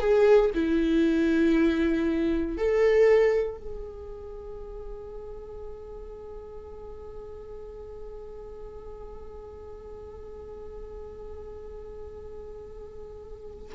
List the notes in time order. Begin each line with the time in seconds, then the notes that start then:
0.00 G#4
0.55 E4
2.58 A4
3.58 G#4